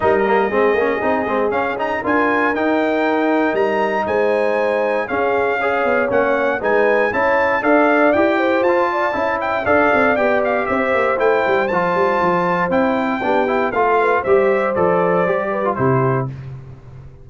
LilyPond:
<<
  \new Staff \with { instrumentName = "trumpet" } { \time 4/4 \tempo 4 = 118 dis''2. f''8 ais''8 | gis''4 g''2 ais''4 | gis''2 f''2 | fis''4 gis''4 a''4 f''4 |
g''4 a''4. g''8 f''4 | g''8 f''8 e''4 g''4 a''4~ | a''4 g''2 f''4 | e''4 d''2 c''4 | }
  \new Staff \with { instrumentName = "horn" } { \time 4/4 ais'4 gis'2. | ais'1 | c''2 gis'4 cis''4~ | cis''4 b'4 cis''4 d''4~ |
d''8 c''4 d''8 e''4 d''4~ | d''4 c''2.~ | c''2 g'4 a'8 b'8 | c''2~ c''8 b'8 g'4 | }
  \new Staff \with { instrumentName = "trombone" } { \time 4/4 dis'8 ais8 c'8 cis'8 dis'8 c'8 cis'8 dis'8 | f'4 dis'2.~ | dis'2 cis'4 gis'4 | cis'4 dis'4 e'4 a'4 |
g'4 f'4 e'4 a'4 | g'2 e'4 f'4~ | f'4 e'4 d'8 e'8 f'4 | g'4 a'4 g'8. f'16 e'4 | }
  \new Staff \with { instrumentName = "tuba" } { \time 4/4 g4 gis8 ais8 c'8 gis8 cis'4 | d'4 dis'2 g4 | gis2 cis'4. b8 | ais4 gis4 cis'4 d'4 |
e'4 f'4 cis'4 d'8 c'8 | b4 c'8 ais8 a8 g8 f8 g8 | f4 c'4 b4 a4 | g4 f4 g4 c4 | }
>>